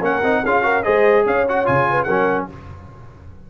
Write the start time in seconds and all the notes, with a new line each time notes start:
0.00 A#3 C#4 A#4 F#5
0.22 C4 D#4
0.43 C#4 F4 G#4 F5
0.62 F#4 A#4
0.82 G#3 G#4 C5 D#5
1.26 C#4 C#5 F5
1.48 F#4 F#5
1.65 C#3 F4 G#5
1.90 B4
2.03 F#3 C#4 A#4 F#5